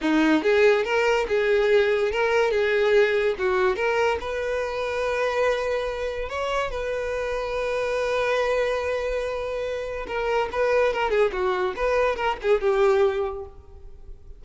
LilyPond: \new Staff \with { instrumentName = "violin" } { \time 4/4 \tempo 4 = 143 dis'4 gis'4 ais'4 gis'4~ | gis'4 ais'4 gis'2 | fis'4 ais'4 b'2~ | b'2. cis''4 |
b'1~ | b'1 | ais'4 b'4 ais'8 gis'8 fis'4 | b'4 ais'8 gis'8 g'2 | }